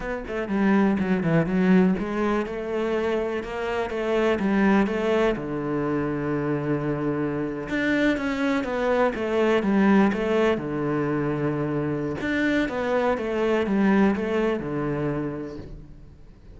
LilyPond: \new Staff \with { instrumentName = "cello" } { \time 4/4 \tempo 4 = 123 b8 a8 g4 fis8 e8 fis4 | gis4 a2 ais4 | a4 g4 a4 d4~ | d2.~ d8. d'16~ |
d'8. cis'4 b4 a4 g16~ | g8. a4 d2~ d16~ | d4 d'4 b4 a4 | g4 a4 d2 | }